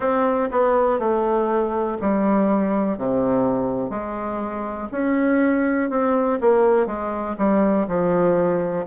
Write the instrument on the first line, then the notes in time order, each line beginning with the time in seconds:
bassoon
0.00 C4
0.51 B3
0.99 A3
2.01 G3
2.97 C3
3.90 G#3
4.91 C#4
5.90 C4
6.41 A#3
6.86 G#3
7.38 G3
7.87 F3